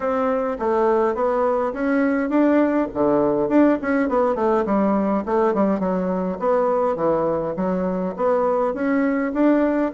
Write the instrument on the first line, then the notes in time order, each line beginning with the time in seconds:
bassoon
0.00 C4
0.59 A3
1.14 B3
1.73 C#4
2.29 D4
2.94 D3
3.48 D4
3.81 C#4
4.08 B3
4.35 A3
4.65 G3
5.25 A3
5.53 G3
5.79 F#3
6.39 B3
6.96 E3
7.56 F#3
8.16 B3
8.74 C#4
9.33 D4